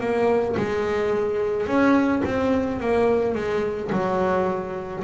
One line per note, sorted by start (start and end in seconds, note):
0.00 0.56 A#3
0.57 1.67 G#3
1.67 2.22 C#4
2.25 2.80 C4
2.80 3.35 A#3
3.35 3.90 G#3
3.92 5.04 F#3